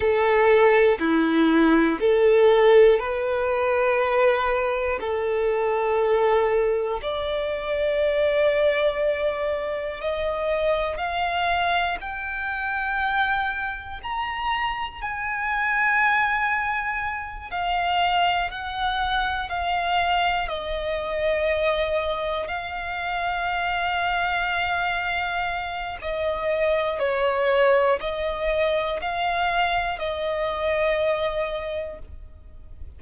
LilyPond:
\new Staff \with { instrumentName = "violin" } { \time 4/4 \tempo 4 = 60 a'4 e'4 a'4 b'4~ | b'4 a'2 d''4~ | d''2 dis''4 f''4 | g''2 ais''4 gis''4~ |
gis''4. f''4 fis''4 f''8~ | f''8 dis''2 f''4.~ | f''2 dis''4 cis''4 | dis''4 f''4 dis''2 | }